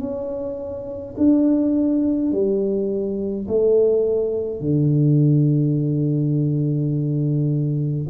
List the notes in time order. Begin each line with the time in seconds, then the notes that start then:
0.00 C#4
1.18 D4
2.32 G3
3.48 A3
4.60 D3